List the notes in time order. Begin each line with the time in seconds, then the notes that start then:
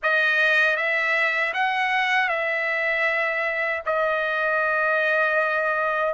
0.02 D#5
0.76 E5
1.53 F#5
2.28 E5
3.85 D#5